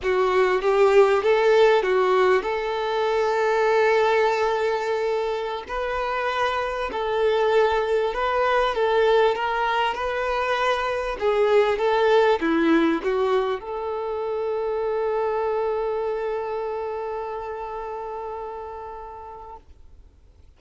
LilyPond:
\new Staff \with { instrumentName = "violin" } { \time 4/4 \tempo 4 = 98 fis'4 g'4 a'4 fis'4 | a'1~ | a'4~ a'16 b'2 a'8.~ | a'4~ a'16 b'4 a'4 ais'8.~ |
ais'16 b'2 gis'4 a'8.~ | a'16 e'4 fis'4 a'4.~ a'16~ | a'1~ | a'1 | }